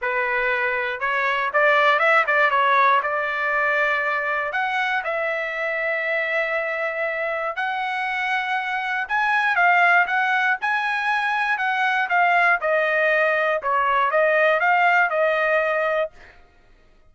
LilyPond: \new Staff \with { instrumentName = "trumpet" } { \time 4/4 \tempo 4 = 119 b'2 cis''4 d''4 | e''8 d''8 cis''4 d''2~ | d''4 fis''4 e''2~ | e''2. fis''4~ |
fis''2 gis''4 f''4 | fis''4 gis''2 fis''4 | f''4 dis''2 cis''4 | dis''4 f''4 dis''2 | }